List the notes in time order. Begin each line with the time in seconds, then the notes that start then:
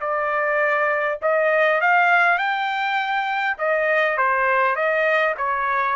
0.00 D5
1.22 D#5
1.81 F5
2.38 G5
3.58 D#5
4.17 C5
4.76 D#5
5.37 C#5